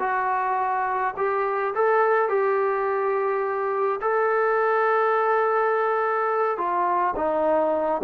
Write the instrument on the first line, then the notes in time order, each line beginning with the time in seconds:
trombone
0.00 F#4
1.17 G4
1.75 A4
2.29 G4
4.01 A4
6.58 F4
7.16 D#4